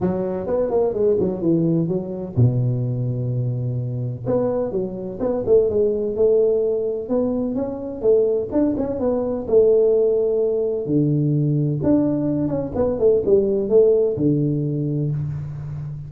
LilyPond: \new Staff \with { instrumentName = "tuba" } { \time 4/4 \tempo 4 = 127 fis4 b8 ais8 gis8 fis8 e4 | fis4 b,2.~ | b,4 b4 fis4 b8 a8 | gis4 a2 b4 |
cis'4 a4 d'8 cis'8 b4 | a2. d4~ | d4 d'4. cis'8 b8 a8 | g4 a4 d2 | }